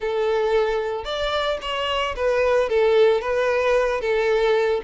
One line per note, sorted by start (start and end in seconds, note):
0.00 1.04 A4
1.04 1.58 D5
1.61 2.15 C#5
2.16 2.69 B4
2.69 3.21 A4
3.21 4.01 B4
4.01 4.81 A4